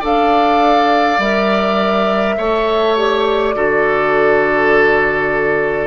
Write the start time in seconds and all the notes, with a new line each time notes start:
0.00 D4 A4 D5 F5
1.19 G3 A#4 E5
2.38 A3 A4 C#5
2.97 G4 D5
3.55 D3 F#4 A4